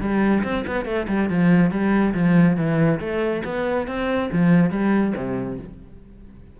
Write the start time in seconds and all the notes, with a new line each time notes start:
0.00 G3
0.43 C4
0.66 B3
0.85 A3
1.08 G3
1.30 F3
1.70 G3
2.14 F3
2.57 E3
3.00 A3
3.44 B3
3.87 C4
4.31 F3
4.70 G3
5.16 C3